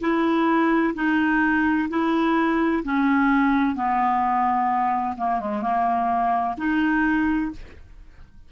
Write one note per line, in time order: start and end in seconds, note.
0.00 0.94 E4
0.95 1.88 D#4
1.89 2.83 E4
2.83 3.75 C#4
3.75 5.16 B3
5.17 5.40 A#3
5.40 5.62 G#3
5.62 6.55 A#3
6.58 7.51 D#4